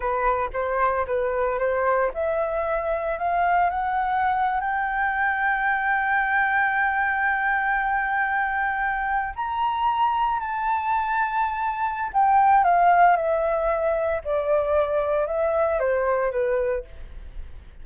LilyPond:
\new Staff \with { instrumentName = "flute" } { \time 4/4 \tempo 4 = 114 b'4 c''4 b'4 c''4 | e''2 f''4 fis''4~ | fis''8. g''2.~ g''16~ | g''1~ |
g''4.~ g''16 ais''2 a''16~ | a''2. g''4 | f''4 e''2 d''4~ | d''4 e''4 c''4 b'4 | }